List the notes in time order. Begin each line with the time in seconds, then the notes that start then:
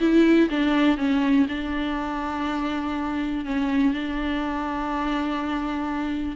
0.00 E4
0.50 D4
0.98 C#4
1.49 D4
3.45 C#4
3.94 D4